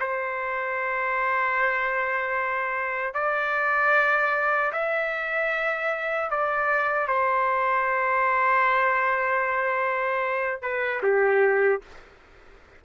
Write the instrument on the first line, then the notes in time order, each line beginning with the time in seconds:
trumpet
0.00 C5
3.14 D5
4.72 E5
6.31 D5
7.08 C5
10.62 B4
11.03 G4